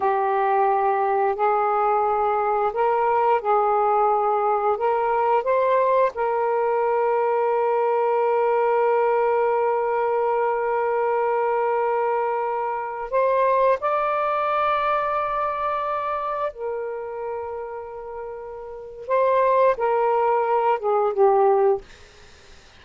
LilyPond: \new Staff \with { instrumentName = "saxophone" } { \time 4/4 \tempo 4 = 88 g'2 gis'2 | ais'4 gis'2 ais'4 | c''4 ais'2.~ | ais'1~ |
ais'2.~ ais'16 c''8.~ | c''16 d''2.~ d''8.~ | d''16 ais'2.~ ais'8. | c''4 ais'4. gis'8 g'4 | }